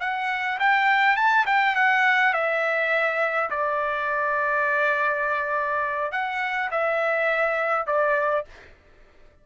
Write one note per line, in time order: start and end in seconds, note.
0.00 0.58 F#5
0.59 1.16 G5
1.16 1.45 A5
1.46 1.75 G5
1.75 2.33 F#5
2.33 3.50 E5
3.50 6.11 D5
6.11 6.70 F#5
6.71 7.86 E5
7.86 8.45 D5